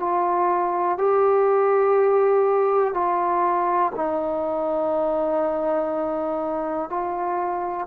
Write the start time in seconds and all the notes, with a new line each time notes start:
0.00 F4
0.98 G4
2.94 F4
3.95 D#4
6.90 F4